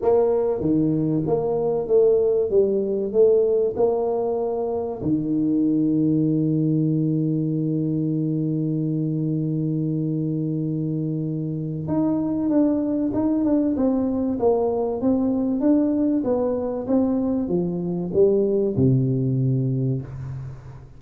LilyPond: \new Staff \with { instrumentName = "tuba" } { \time 4/4 \tempo 4 = 96 ais4 dis4 ais4 a4 | g4 a4 ais2 | dis1~ | dis1~ |
dis2. dis'4 | d'4 dis'8 d'8 c'4 ais4 | c'4 d'4 b4 c'4 | f4 g4 c2 | }